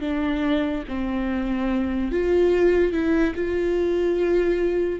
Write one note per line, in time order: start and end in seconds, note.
0.00 0.83 D4
0.88 2.11 C4
2.11 2.92 F4
2.92 3.34 E4
3.35 5.00 F4